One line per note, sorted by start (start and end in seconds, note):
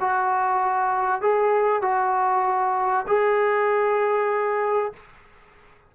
0.00 1.21 F#4
1.21 1.82 G#4
1.82 3.06 F#4
3.07 4.93 G#4